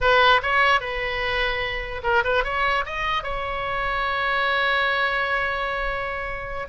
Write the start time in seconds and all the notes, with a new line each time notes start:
0.00 B4
0.42 C#5
0.80 B4
2.03 A#4
2.24 B4
2.44 C#5
2.85 D#5
3.23 C#5